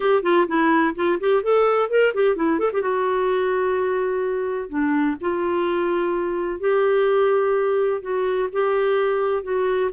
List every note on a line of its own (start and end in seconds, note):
0.00 0.22 G4
0.22 0.46 F4
0.47 0.94 E4
0.95 1.18 F4
1.20 1.42 G4
1.42 1.89 A4
1.89 2.13 A#4
2.13 2.35 G4
2.35 2.59 E4
2.59 2.71 A4
2.72 2.81 G4
2.81 4.69 F#4
4.69 5.16 D4
5.20 6.59 F4
6.59 8.01 G4
8.01 8.48 F#4
8.52 9.43 G4
9.43 9.90 F#4